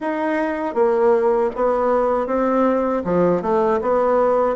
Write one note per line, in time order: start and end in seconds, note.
0.00 0.74 D#4
0.74 1.50 A#3
1.55 2.26 B3
2.26 3.02 C4
3.04 3.42 F3
3.42 3.80 A3
3.81 4.56 B3